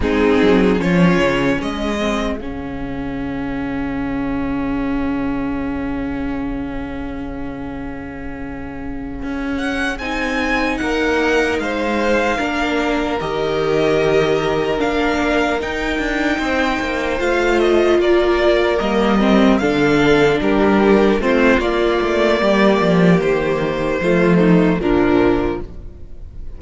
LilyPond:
<<
  \new Staff \with { instrumentName = "violin" } { \time 4/4 \tempo 4 = 75 gis'4 cis''4 dis''4 f''4~ | f''1~ | f''1 | fis''8 gis''4 fis''4 f''4.~ |
f''8 dis''2 f''4 g''8~ | g''4. f''8 dis''8 d''4 dis''8~ | dis''8 f''4 ais'4 c''8 d''4~ | d''4 c''2 ais'4 | }
  \new Staff \with { instrumentName = "violin" } { \time 4/4 dis'4 f'4 gis'2~ | gis'1~ | gis'1~ | gis'4. ais'4 c''4 ais'8~ |
ais'1~ | ais'8 c''2 ais'4.~ | ais'8 a'4 g'4 f'4. | g'2 f'8 dis'8 d'4 | }
  \new Staff \with { instrumentName = "viola" } { \time 4/4 c'4 cis'4. c'8 cis'4~ | cis'1~ | cis'1~ | cis'8 dis'2. d'8~ |
d'8 g'2 d'4 dis'8~ | dis'4. f'2 ais8 | c'8 d'2 c'8 ais4~ | ais2 a4 f4 | }
  \new Staff \with { instrumentName = "cello" } { \time 4/4 gis8 fis8 f8 cis8 gis4 cis4~ | cis1~ | cis2.~ cis8 cis'8~ | cis'8 c'4 ais4 gis4 ais8~ |
ais8 dis2 ais4 dis'8 | d'8 c'8 ais8 a4 ais4 g8~ | g8 d4 g4 a8 ais8 a8 | g8 f8 dis4 f4 ais,4 | }
>>